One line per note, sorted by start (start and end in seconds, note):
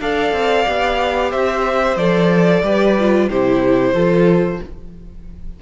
0.00 0.33 D4
0.00 0.66 A4
0.00 1.30 D5
0.00 1.32 F5
0.33 0.66 C4
0.66 1.34 B3
0.66 1.98 G4
1.30 1.96 C4
1.30 2.62 C5
1.30 1.97 E5
1.96 2.62 F3
1.96 2.64 A4
1.96 3.29 D5
2.62 3.28 G3
2.62 2.97 G4
2.62 3.30 B4
3.00 3.31 F4
3.30 3.93 C3
3.30 3.96 E4
3.30 3.94 G4
3.30 4.62 C5
3.93 4.59 F3
3.93 4.62 F4
3.93 4.60 A4